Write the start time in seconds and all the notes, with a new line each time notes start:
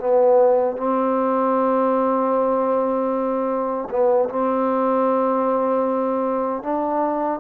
0.00 B3
0.77 C4
3.90 B3
4.30 C4
6.63 D4